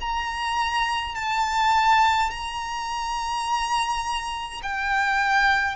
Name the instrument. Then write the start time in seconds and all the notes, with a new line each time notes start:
violin
0.00 A#5
1.15 A5
2.30 A#5
4.63 G5